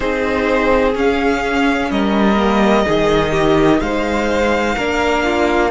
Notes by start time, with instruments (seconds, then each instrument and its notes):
0.00 cello C4, viola D#4, violin G#4 C5
0.94 cello C#4, viola C#4, violin F5
1.90 cello G3, violin A#4 D#5
2.36 viola A#3
2.86 cello D#3, viola D#4, violin G#4
3.31 violin G4
3.80 cello G#3, violin C5 F5
4.75 cello A#3, viola D4, violin A#4
5.23 violin F4